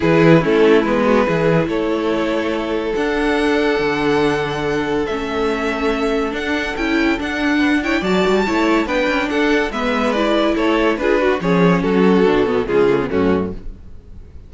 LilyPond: <<
  \new Staff \with { instrumentName = "violin" } { \time 4/4 \tempo 4 = 142 b'4 a'4 b'2 | cis''2. fis''4~ | fis''1 | e''2. fis''4 |
g''4 fis''4. g''8 a''4~ | a''4 g''4 fis''4 e''4 | d''4 cis''4 b'4 cis''4 | a'2 gis'4 fis'4 | }
  \new Staff \with { instrumentName = "violin" } { \time 4/4 gis'4 e'4. fis'8 gis'4 | a'1~ | a'1~ | a'1~ |
a'2 b'8 cis''8 d''4 | cis''4 b'4 a'4 b'4~ | b'4 a'4 gis'8 fis'8 gis'4 | fis'2 f'4 cis'4 | }
  \new Staff \with { instrumentName = "viola" } { \time 4/4 e'4 cis'4 b4 e'4~ | e'2. d'4~ | d'1 | cis'2. d'4 |
e'4 d'4. e'8 fis'4 | e'4 d'2 b4 | e'2 f'8 fis'8 cis'4~ | cis'4 d'8 b8 gis8 a16 b16 a4 | }
  \new Staff \with { instrumentName = "cello" } { \time 4/4 e4 a4 gis4 e4 | a2. d'4~ | d'4 d2. | a2. d'4 |
cis'4 d'2 fis8 g8 | a4 b8 cis'8 d'4 gis4~ | gis4 a4 d'4 f4 | fis4 b,4 cis4 fis,4 | }
>>